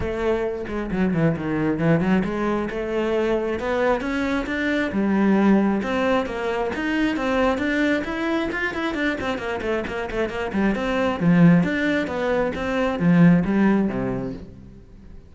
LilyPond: \new Staff \with { instrumentName = "cello" } { \time 4/4 \tempo 4 = 134 a4. gis8 fis8 e8 dis4 | e8 fis8 gis4 a2 | b4 cis'4 d'4 g4~ | g4 c'4 ais4 dis'4 |
c'4 d'4 e'4 f'8 e'8 | d'8 c'8 ais8 a8 ais8 a8 ais8 g8 | c'4 f4 d'4 b4 | c'4 f4 g4 c4 | }